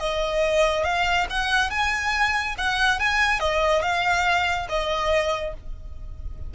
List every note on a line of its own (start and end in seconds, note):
0.00 0.85 D#5
0.85 1.27 F5
1.30 1.71 F#5
1.71 2.56 G#5
2.58 3.00 F#5
3.00 3.40 G#5
3.40 3.83 D#5
3.83 4.68 F5
4.69 5.55 D#5